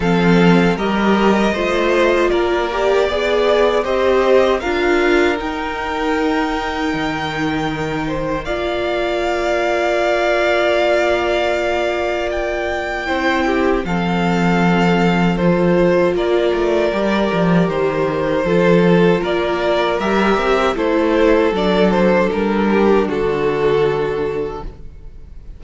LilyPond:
<<
  \new Staff \with { instrumentName = "violin" } { \time 4/4 \tempo 4 = 78 f''4 dis''2 d''4~ | d''4 dis''4 f''4 g''4~ | g''2. f''4~ | f''1 |
g''2 f''2 | c''4 d''2 c''4~ | c''4 d''4 e''4 c''4 | d''8 c''8 ais'4 a'2 | }
  \new Staff \with { instrumentName = "violin" } { \time 4/4 a'4 ais'4 c''4 ais'4 | d''4 c''4 ais'2~ | ais'2~ ais'8 c''8 d''4~ | d''1~ |
d''4 c''8 g'8 a'2~ | a'4 ais'2. | a'4 ais'2 a'4~ | a'4. g'8 fis'2 | }
  \new Staff \with { instrumentName = "viola" } { \time 4/4 c'4 g'4 f'4. g'8 | gis'4 g'4 f'4 dis'4~ | dis'2. f'4~ | f'1~ |
f'4 e'4 c'2 | f'2 g'2 | f'2 g'4 e'4 | d'1 | }
  \new Staff \with { instrumentName = "cello" } { \time 4/4 f4 g4 a4 ais4 | b4 c'4 d'4 dis'4~ | dis'4 dis2 ais4~ | ais1~ |
ais4 c'4 f2~ | f4 ais8 a8 g8 f8 dis4 | f4 ais4 g8 c'8 a4 | fis4 g4 d2 | }
>>